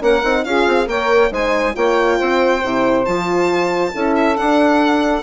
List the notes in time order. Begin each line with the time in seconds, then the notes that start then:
0.00 A#3 C#4 A#4 F#5
0.24 C4 D#4
0.44 C#4 F4 G#4 F5
0.67 C4
0.86 A#3 A#4 C#5 G5
1.30 G#3 D#4 C5 G#5
1.75 A#3 F4 C#5 G5
2.18 C4 C5
2.64 C3 E4
3.05 F3 F4 A5
3.94 C#4 E4 A4
4.16 E5
4.36 D4 F#5